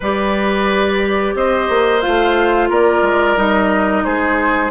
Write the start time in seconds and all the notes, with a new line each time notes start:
0.00 G3 G4 B4 D5
1.34 C4 C5 D#5
1.69 A#3
2.01 F4 F5
2.07 A3
2.69 A#3 A#4 D5
3.02 G#3
3.36 G3 D#4 D#5
4.04 G#3 G#4 C5